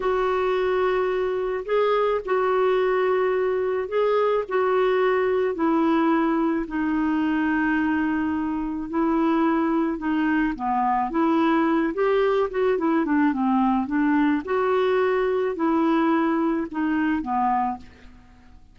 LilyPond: \new Staff \with { instrumentName = "clarinet" } { \time 4/4 \tempo 4 = 108 fis'2. gis'4 | fis'2. gis'4 | fis'2 e'2 | dis'1 |
e'2 dis'4 b4 | e'4. g'4 fis'8 e'8 d'8 | c'4 d'4 fis'2 | e'2 dis'4 b4 | }